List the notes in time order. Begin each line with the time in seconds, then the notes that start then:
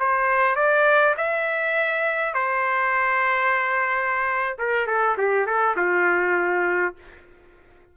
0.00 C5
0.56 D5
1.17 E5
2.34 C5
4.59 A#4
4.87 A4
5.18 G4
5.47 A4
5.77 F4